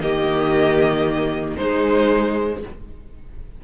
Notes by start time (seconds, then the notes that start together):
0.00 D#3 A#3 G4 D#5
1.57 G#3 D#4 C5